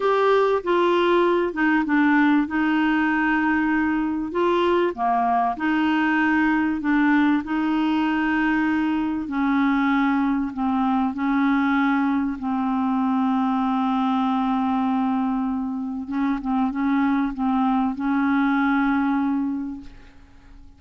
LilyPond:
\new Staff \with { instrumentName = "clarinet" } { \time 4/4 \tempo 4 = 97 g'4 f'4. dis'8 d'4 | dis'2. f'4 | ais4 dis'2 d'4 | dis'2. cis'4~ |
cis'4 c'4 cis'2 | c'1~ | c'2 cis'8 c'8 cis'4 | c'4 cis'2. | }